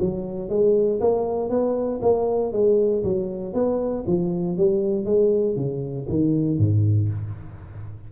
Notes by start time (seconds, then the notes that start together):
0.00 F#3
0.50 G#3
1.01 A#3
1.50 B3
2.03 A#3
2.53 G#3
3.04 F#3
3.54 B3
4.07 F3
4.58 G3
5.06 G#3
5.57 C#3
6.09 D#3
6.59 G#2